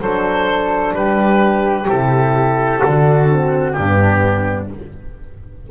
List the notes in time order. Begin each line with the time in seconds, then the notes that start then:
0.00 F#3 D4 A4 C5
0.95 G3 G4 B4
1.87 C3 E4 A4
2.83 D3 D4 F#4
3.29 C4
3.71 G2 B3 D4 G4